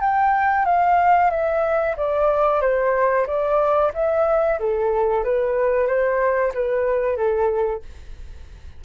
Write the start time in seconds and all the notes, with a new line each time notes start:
0.00 G5
0.65 F5
1.30 E5
1.97 D5
2.61 C5
3.26 D5
3.93 E5
4.59 A4
5.24 B4
5.87 C5
6.54 B4
7.16 A4